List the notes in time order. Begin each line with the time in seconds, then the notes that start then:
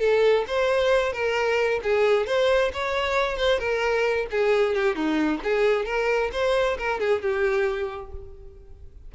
0.00 A4
0.48 C5
1.13 A#4
1.84 G#4
2.27 C5
2.74 C#5
3.38 C5
3.59 A#4
4.31 G#4
4.76 G4
4.96 D#4
5.44 G#4
5.86 A#4
6.33 C5
6.78 A#4
7.00 G#4
7.22 G4